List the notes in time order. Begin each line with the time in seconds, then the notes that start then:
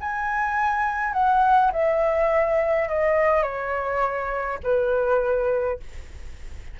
0.00 G#5
1.13 F#5
1.72 E5
2.88 D#5
3.42 C#5
4.63 B4